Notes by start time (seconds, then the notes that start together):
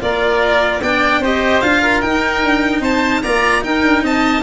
0.00 A#3 F4 A#4 D5
0.81 B3 D4 D5 G5
1.19 C4 G4 C5 D#5
1.61 D4 F4 F5
1.82 A#4
2.01 D#4 G5
2.43 D4
2.80 C4 C5 A5
3.23 A#3 F4 D5 A#5
3.61 D#4 A#4 G5
3.83 D4
4.03 C4 D#5 A5